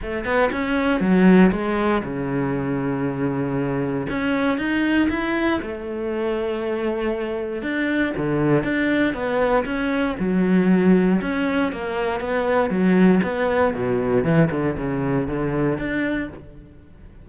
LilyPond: \new Staff \with { instrumentName = "cello" } { \time 4/4 \tempo 4 = 118 a8 b8 cis'4 fis4 gis4 | cis1 | cis'4 dis'4 e'4 a4~ | a2. d'4 |
d4 d'4 b4 cis'4 | fis2 cis'4 ais4 | b4 fis4 b4 b,4 | e8 d8 cis4 d4 d'4 | }